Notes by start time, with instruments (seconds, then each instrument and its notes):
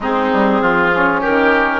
0.00 bassoon G#3, saxophone C4, oboe D#4, clarinet G#4
0.32 bassoon G3
0.61 bassoon F3, oboe F4
0.92 saxophone C#4
1.20 oboe G4, clarinet A#4
1.27 bassoon D#3